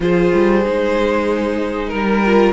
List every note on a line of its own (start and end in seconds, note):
0.00 0.32 F3
0.00 0.62 F4
0.00 1.92 G#4
0.00 1.88 C5
0.34 0.65 G3
0.64 1.92 G#3
0.64 2.24 D#4
1.88 2.52 G3
1.88 2.52 A#4
2.26 2.52 F4